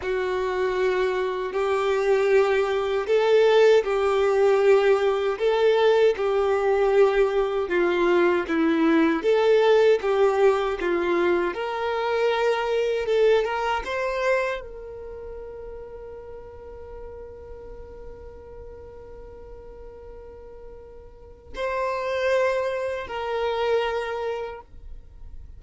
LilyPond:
\new Staff \with { instrumentName = "violin" } { \time 4/4 \tempo 4 = 78 fis'2 g'2 | a'4 g'2 a'4 | g'2 f'4 e'4 | a'4 g'4 f'4 ais'4~ |
ais'4 a'8 ais'8 c''4 ais'4~ | ais'1~ | ais'1 | c''2 ais'2 | }